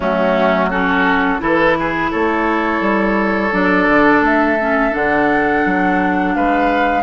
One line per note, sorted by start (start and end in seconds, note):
0.00 1.39 F#3
0.00 0.70 A3
0.00 0.70 C#4
0.00 0.70 F#4
0.70 1.38 C#4
0.70 1.40 F#4
0.70 1.41 A4
1.38 2.11 E3
1.38 3.50 E4
1.38 1.77 A4
1.38 2.12 B4
1.79 2.10 G#4
2.10 2.81 A3
2.10 6.34 A4
2.10 3.52 C#5
2.81 3.51 G3
3.52 3.87 F#3
3.52 4.58 D4
3.52 4.23 D5
3.87 4.21 D3
4.21 4.91 A3
4.21 4.94 E5
4.59 4.91 C#4
4.91 5.65 D3
4.91 7.02 D4
4.91 6.34 F#5
5.65 6.35 F#3
6.34 7.03 G#3
6.34 7.03 B4
6.34 7.03 F5